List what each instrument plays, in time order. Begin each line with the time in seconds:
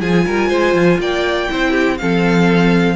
0.00 cello F3, viola F4, violin G#4 G#5
0.26 cello G3, violin A#4
0.49 cello G#3, violin C5
0.74 cello F3
0.99 cello A#3, violin D5 G5
1.49 cello C4, viola E4, violin C5
1.70 violin G4
1.97 cello F3, viola C4, violin A4 F5